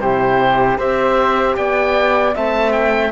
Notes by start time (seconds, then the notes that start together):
0.00 C3 E4 G4 C5
0.78 C4 G4 C5 E5
1.56 B3 D5 G5
2.34 A3 C4 E5 A5
2.72 G5